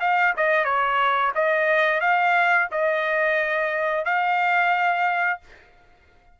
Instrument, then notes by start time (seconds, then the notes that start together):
trumpet
0.00 F5
0.36 D#5
0.65 C#5
1.35 D#5
2.01 F5
2.71 D#5
4.05 F5